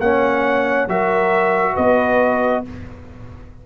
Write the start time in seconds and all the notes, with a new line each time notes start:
0.00 A#3 C#4 C#5 F#5
0.88 F#3 F#4 A#4 E5
1.74 B3 B4 D#5